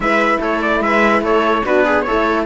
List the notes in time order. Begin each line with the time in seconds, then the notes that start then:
0.00 G#3 E4 B4 E5
0.40 A3 A4 C#5
0.61 D5
0.80 G#3 B4 E5
1.21 A3 A4 C#5
1.65 B3 D4 F#4 B4
1.85 G#4
2.01 A4 C#5
2.08 A3 E4